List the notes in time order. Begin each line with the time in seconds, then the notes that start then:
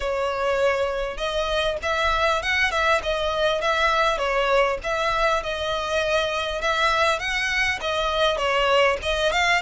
0.00 C#5
1.17 D#5
1.82 E5
2.42 F#5
2.71 E5
3.02 D#5
3.61 E5
4.18 C#5
4.83 E5
5.42 D#5
6.61 E5
7.19 F#5
7.80 D#5
8.37 C#5
9.02 D#5
9.32 F5